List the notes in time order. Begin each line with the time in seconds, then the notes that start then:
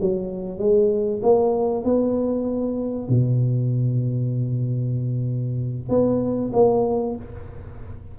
0.00 F#3
0.58 G#3
1.22 A#3
1.84 B3
3.08 B2
5.89 B3
6.53 A#3